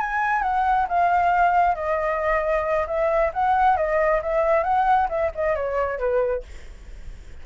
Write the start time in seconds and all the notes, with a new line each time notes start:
0.00 G#5
0.42 F#5
0.88 F5
1.75 D#5
2.87 E5
3.33 F#5
3.76 D#5
4.22 E5
4.63 F#5
5.09 E5
5.35 D#5
5.55 C#5
5.98 B4